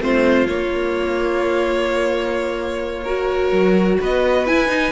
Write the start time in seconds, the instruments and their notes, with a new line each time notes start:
0.00 cello A3, viola C4, violin F4 C5
0.47 viola A#3, cello A#3, violin C#5
3.03 viola F#4, violin A#4
3.51 cello F#3
4.00 cello B3, violin B4 D#5
4.46 viola E4, cello E4, violin G#5
4.68 cello D#4, viola D#4